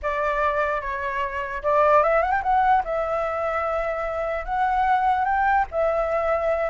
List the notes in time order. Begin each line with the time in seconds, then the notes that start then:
0.02 D5
0.81 C#5
1.62 D5
2.03 E5
2.22 F#5
2.31 G5
2.42 F#5
2.84 E5
4.45 F#5
5.24 G5
5.71 E5